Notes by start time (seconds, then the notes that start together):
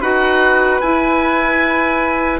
0.00 D#4 F#4 B4 F#5
0.81 E4 G#5